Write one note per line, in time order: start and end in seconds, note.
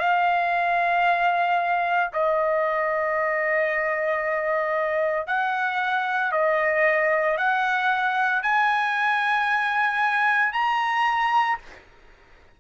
0.00 2.11 F5
2.13 5.27 D#5
5.27 6.32 F#5
6.32 7.37 D#5
7.37 8.43 F#5
8.43 10.53 G#5
10.53 11.58 A#5